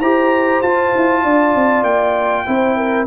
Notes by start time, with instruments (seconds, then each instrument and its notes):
0.00 tuba E4, trombone G4, horn C5, trumpet A#5
0.62 tuba F4, trombone F4, trumpet A5
0.95 tuba E4
1.23 tuba D4, horn D5
1.55 tuba C4
1.83 tuba A#3, trumpet G5
2.45 tuba C4, trombone E4, horn C5
2.77 horn A#4